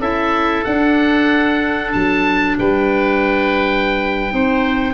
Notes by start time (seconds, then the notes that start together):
0.00 C#4 E4 A4 E5
0.65 D4 F#5
1.93 F#3 A5
2.59 G3 B4 G5
4.31 C4 D#4 C5